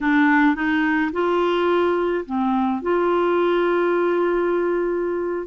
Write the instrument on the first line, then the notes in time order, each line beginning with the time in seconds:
clarinet
0.00 D4
0.55 D#4
1.12 F4
2.25 C4
2.82 F4